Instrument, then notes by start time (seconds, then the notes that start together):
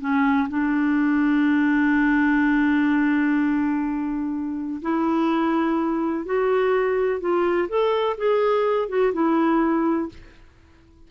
clarinet
0.00 C#4
0.49 D4
4.82 E4
6.25 F#4
7.20 F4
7.69 A4
8.17 G#4
8.88 F#4
9.13 E4